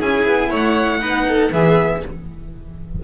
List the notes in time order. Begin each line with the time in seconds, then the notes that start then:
0.00 C#4 E4 G#4 G#5
0.26 B3
0.49 A3 C#5
0.56 F#5
0.99 B3 D#4 B4
1.28 A4
1.51 E3 B3 G#4 E5